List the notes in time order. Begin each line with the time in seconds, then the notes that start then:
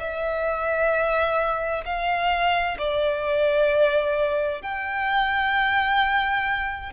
0.00 E5
1.85 F5
2.79 D5
4.62 G5